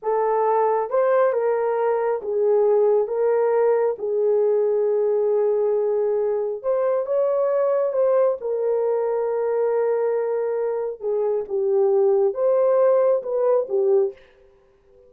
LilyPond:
\new Staff \with { instrumentName = "horn" } { \time 4/4 \tempo 4 = 136 a'2 c''4 ais'4~ | ais'4 gis'2 ais'4~ | ais'4 gis'2.~ | gis'2. c''4 |
cis''2 c''4 ais'4~ | ais'1~ | ais'4 gis'4 g'2 | c''2 b'4 g'4 | }